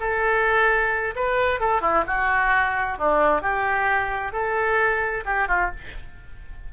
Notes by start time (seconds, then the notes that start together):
0.00 A4
1.16 B4
1.60 A4
1.81 E4
2.07 F#4
2.98 D4
3.42 G4
4.33 A4
5.25 G4
5.48 F4